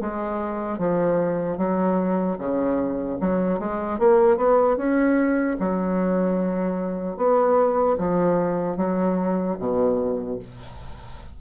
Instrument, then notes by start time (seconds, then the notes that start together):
bassoon
0.00 G#3
0.78 F3
1.57 F#3
2.38 C#3
3.20 F#3
3.59 G#3
3.99 A#3
4.36 B3
4.76 C#4
5.59 F#3
7.17 B3
7.98 F3
8.77 F#3
9.59 B2